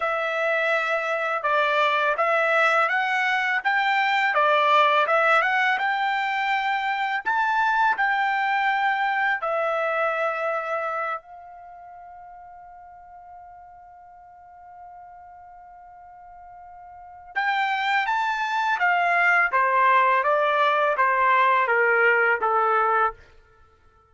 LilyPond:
\new Staff \with { instrumentName = "trumpet" } { \time 4/4 \tempo 4 = 83 e''2 d''4 e''4 | fis''4 g''4 d''4 e''8 fis''8 | g''2 a''4 g''4~ | g''4 e''2~ e''8 f''8~ |
f''1~ | f''1 | g''4 a''4 f''4 c''4 | d''4 c''4 ais'4 a'4 | }